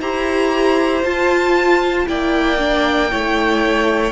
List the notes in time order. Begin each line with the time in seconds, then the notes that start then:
0.00 E4 G4 C5 A#5
1.03 F4 A5
2.07 A#3 E4 D5 G5
2.59 D4
3.11 A3 E4 C#5